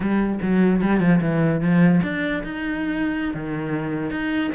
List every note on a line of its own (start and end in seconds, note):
0.00 0.39 G3
0.42 0.82 F#3
0.82 1.00 G3
1.00 1.20 F3
1.21 1.60 E3
1.60 2.00 F3
2.02 2.43 D4
2.43 3.34 D#4
3.34 4.10 D#3
4.10 4.50 D#4